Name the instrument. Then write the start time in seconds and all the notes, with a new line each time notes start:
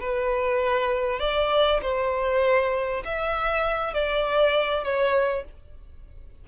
violin
0.00 B4
1.20 D5
1.82 C5
3.05 E5
3.94 D5
4.84 C#5